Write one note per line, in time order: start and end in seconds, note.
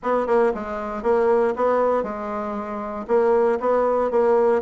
0.02 0.26 B3
0.26 0.52 A#3
0.54 1.03 G#3
1.03 1.54 A#3
1.55 2.03 B3
2.03 3.05 G#3
3.07 3.58 A#3
3.60 4.10 B3
4.10 4.62 A#3